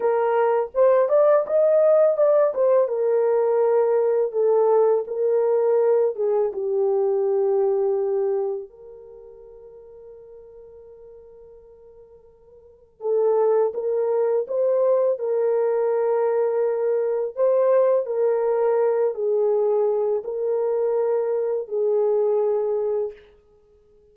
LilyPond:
\new Staff \with { instrumentName = "horn" } { \time 4/4 \tempo 4 = 83 ais'4 c''8 d''8 dis''4 d''8 c''8 | ais'2 a'4 ais'4~ | ais'8 gis'8 g'2. | ais'1~ |
ais'2 a'4 ais'4 | c''4 ais'2. | c''4 ais'4. gis'4. | ais'2 gis'2 | }